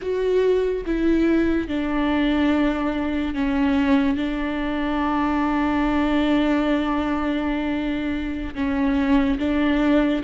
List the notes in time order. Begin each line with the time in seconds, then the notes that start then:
0.01 F#4
0.85 E4
1.68 D4
3.34 C#4
4.16 D4
8.55 C#4
9.39 D4